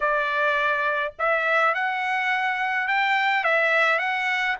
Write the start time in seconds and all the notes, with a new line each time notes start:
0.00 D5
1.18 E5
1.74 F#5
2.87 G5
3.43 E5
3.98 F#5